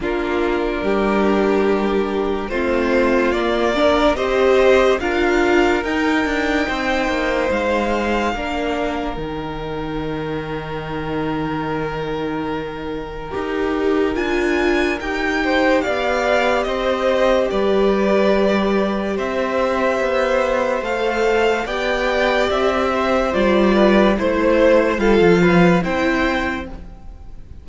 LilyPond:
<<
  \new Staff \with { instrumentName = "violin" } { \time 4/4 \tempo 4 = 72 ais'2. c''4 | d''4 dis''4 f''4 g''4~ | g''4 f''2 g''4~ | g''1~ |
g''4 gis''4 g''4 f''4 | dis''4 d''2 e''4~ | e''4 f''4 g''4 e''4 | d''4 c''4 f''4 g''4 | }
  \new Staff \with { instrumentName = "violin" } { \time 4/4 f'4 g'2 f'4~ | f'8 ais'8 c''4 ais'2 | c''2 ais'2~ | ais'1~ |
ais'2~ ais'8 c''8 d''4 | c''4 b'2 c''4~ | c''2 d''4. c''8~ | c''8 b'8 c''4 a'8 b'8 c''4 | }
  \new Staff \with { instrumentName = "viola" } { \time 4/4 d'2. c'4 | ais8 d'8 g'4 f'4 dis'4~ | dis'2 d'4 dis'4~ | dis'1 |
g'4 f'4 g'2~ | g'1~ | g'4 a'4 g'2 | f'4 e'4 f'4 e'4 | }
  \new Staff \with { instrumentName = "cello" } { \time 4/4 ais4 g2 a4 | ais4 c'4 d'4 dis'8 d'8 | c'8 ais8 gis4 ais4 dis4~ | dis1 |
dis'4 d'4 dis'4 b4 | c'4 g2 c'4 | b4 a4 b4 c'4 | g4 a4 g16 f8. c'4 | }
>>